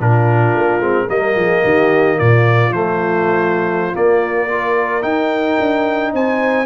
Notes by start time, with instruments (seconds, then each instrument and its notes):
0.00 tuba A#2, trombone D4, horn F4, trumpet A#4
0.55 tuba A#3
0.80 tuba G#3, trombone C4
1.07 tuba G3, trombone A#3, horn A#4, trumpet D#5
1.35 tuba F3, horn G#4
1.64 tuba D#3, horn G4
2.19 tuba A#2, horn F4, trumpet D5
2.70 tuba F3, trombone A3, trumpet C5
3.94 trombone A#3, tuba A#3, trumpet D5
4.49 trombone F4, horn A#4
5.02 trombone D#4, tuba D#4, trumpet G5
5.59 tuba D4
6.13 tuba C4, horn C5, trumpet G#5